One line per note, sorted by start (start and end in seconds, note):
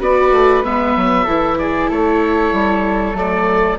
0.00 0.32 B3
0.00 0.64 F#4
0.00 1.24 B4
0.00 0.65 D5
0.32 0.63 A3
0.65 0.96 G#3
0.65 1.28 B3
0.65 1.59 E5
0.97 1.27 F#3
1.24 1.90 E3
1.24 3.16 E4
1.24 1.56 A4
1.59 1.89 G#4
1.59 1.91 D5
1.89 2.53 A3
1.89 3.79 A4
1.89 3.18 C#5
2.53 3.14 G3
3.14 3.77 F#3
3.14 3.79 A3
3.14 3.79 D5